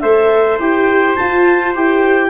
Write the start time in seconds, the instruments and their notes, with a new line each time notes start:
0.00 tuba A3, viola A4, trumpet C5, clarinet E5
0.59 tuba E4, viola G4, clarinet G5
1.16 viola F4, tuba F4, clarinet A5
1.74 tuba E4, viola G4, clarinet G5